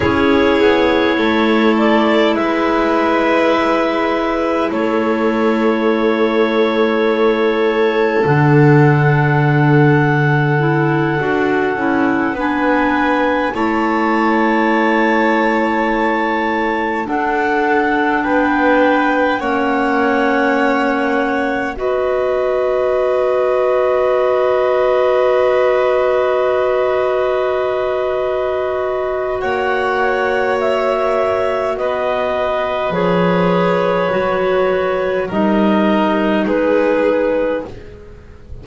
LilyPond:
<<
  \new Staff \with { instrumentName = "clarinet" } { \time 4/4 \tempo 4 = 51 cis''4. d''8 e''2 | cis''2. fis''4~ | fis''2~ fis''8 gis''4 a''8~ | a''2~ a''8 fis''4 g''8~ |
g''8 fis''2 dis''4.~ | dis''1~ | dis''4 fis''4 e''4 dis''4 | cis''2 dis''4 b'4 | }
  \new Staff \with { instrumentName = "violin" } { \time 4/4 gis'4 a'4 b'2 | a'1~ | a'2~ a'8 b'4 cis''8~ | cis''2~ cis''8 a'4 b'8~ |
b'8 cis''2 b'4.~ | b'1~ | b'4 cis''2 b'4~ | b'2 ais'4 gis'4 | }
  \new Staff \with { instrumentName = "clarinet" } { \time 4/4 e'1~ | e'2. d'4~ | d'4 e'8 fis'8 e'8 d'4 e'8~ | e'2~ e'8 d'4.~ |
d'8 cis'2 fis'4.~ | fis'1~ | fis'1 | gis'4 fis'4 dis'2 | }
  \new Staff \with { instrumentName = "double bass" } { \time 4/4 cis'8 b8 a4 gis2 | a2. d4~ | d4. d'8 cis'8 b4 a8~ | a2~ a8 d'4 b8~ |
b8 ais2 b4.~ | b1~ | b4 ais2 b4 | f4 fis4 g4 gis4 | }
>>